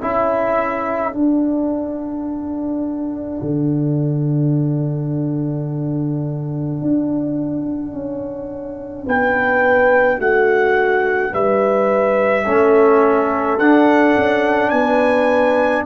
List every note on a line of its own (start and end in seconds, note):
0.00 1.14 C#4
0.00 1.12 E4
0.00 9.06 A4
0.00 1.14 E5
1.12 12.44 D4
1.12 3.41 D4
1.12 9.06 F#5
3.42 6.82 D3
6.82 7.93 D4
7.93 9.06 C#4
9.06 10.19 B3
9.06 10.18 B4
9.06 10.21 G5
10.18 11.33 A3
10.18 11.32 F#4
10.18 11.34 F#5
11.33 12.46 G3
11.33 12.45 B4
11.33 13.59 E5
12.45 13.59 A3
12.45 13.59 C#4
12.45 14.71 A4
13.59 14.15 D4
13.59 15.86 D4
13.59 14.70 F#5
14.17 14.71 C#4
14.70 15.85 B3
14.70 15.85 B4
14.70 15.83 G#5